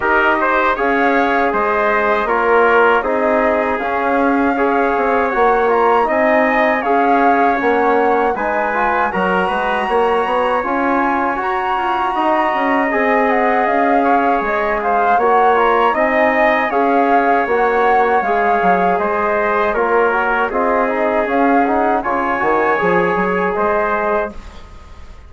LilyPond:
<<
  \new Staff \with { instrumentName = "flute" } { \time 4/4 \tempo 4 = 79 dis''4 f''4 dis''4 cis''4 | dis''4 f''2 fis''8 ais''8 | gis''4 f''4 fis''4 gis''4 | ais''2 gis''4 ais''4~ |
ais''4 gis''8 fis''8 f''4 dis''8 f''8 | fis''8 ais''8 gis''4 f''4 fis''4 | f''4 dis''4 cis''4 dis''4 | f''8 fis''8 gis''2 dis''4 | }
  \new Staff \with { instrumentName = "trumpet" } { \time 4/4 ais'8 c''8 cis''4 c''4 ais'4 | gis'2 cis''2 | dis''4 cis''2 b'4 | ais'8 b'8 cis''2. |
dis''2~ dis''8 cis''4 c''8 | cis''4 dis''4 cis''2~ | cis''4 c''4 ais'4 gis'4~ | gis'4 cis''2 c''4 | }
  \new Staff \with { instrumentName = "trombone" } { \time 4/4 g'4 gis'2 f'4 | dis'4 cis'4 gis'4 fis'8 f'8 | dis'4 gis'4 cis'4 dis'8 f'8 | fis'2 f'4 fis'4~ |
fis'4 gis'2. | fis'8 f'8 dis'4 gis'4 fis'4 | gis'2 f'8 fis'8 f'8 dis'8 | cis'8 dis'8 f'8 fis'8 gis'2 | }
  \new Staff \with { instrumentName = "bassoon" } { \time 4/4 dis'4 cis'4 gis4 ais4 | c'4 cis'4. c'8 ais4 | c'4 cis'4 ais4 gis4 | fis8 gis8 ais8 b8 cis'4 fis'8 f'8 |
dis'8 cis'8 c'4 cis'4 gis4 | ais4 c'4 cis'4 ais4 | gis8 fis8 gis4 ais4 c'4 | cis'4 cis8 dis8 f8 fis8 gis4 | }
>>